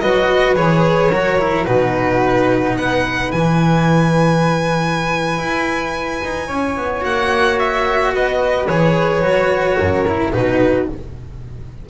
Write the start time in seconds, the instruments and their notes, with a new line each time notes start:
0.00 double bass F#3, cello F#4, flute B4, violin D#5
0.55 double bass E3, cello G#4, violin C#5
1.11 double bass F#3, cello F#4, flute A#4
1.39 cello E4
1.65 double bass B2, cello D#4, flute F#4, violin B4
2.77 double bass B3, flute B4, violin F#5
3.31 double bass E3, cello E4, violin G#5
5.38 double bass E4
6.23 double bass D#4
6.47 double bass C#4, flute C#5
6.77 double bass B3
7.01 double bass A#3, cello F#4, violin F#5
7.59 violin E5
8.14 double bass B3, flute B4, violin D#5
8.67 double bass E3, cello G#4, violin C#5
9.22 double bass F#3, cello F#4
9.77 double bass F#2, flute A#4
10.07 cello E4
10.32 double bass B2, cello D#4, flute F#4, violin B4